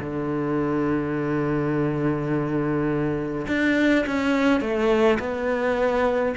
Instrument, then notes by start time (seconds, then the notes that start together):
cello
0.00 D3
3.47 D4
4.06 C#4
4.60 A3
5.19 B3